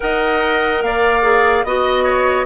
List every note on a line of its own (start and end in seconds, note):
0.00 0.82 D#4
0.00 1.22 A#4
0.00 0.85 D#5
0.00 0.82 F#5
0.82 1.64 A#3
0.82 1.65 D5
0.82 1.64 F5
1.22 1.63 G#4
1.64 2.45 B3
1.64 2.45 F#4
1.64 2.45 D#5
1.64 2.04 D#5
2.04 2.45 C#5